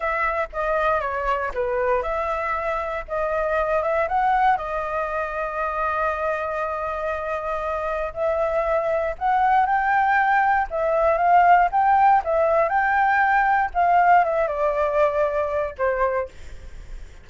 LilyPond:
\new Staff \with { instrumentName = "flute" } { \time 4/4 \tempo 4 = 118 e''4 dis''4 cis''4 b'4 | e''2 dis''4. e''8 | fis''4 dis''2.~ | dis''1 |
e''2 fis''4 g''4~ | g''4 e''4 f''4 g''4 | e''4 g''2 f''4 | e''8 d''2~ d''8 c''4 | }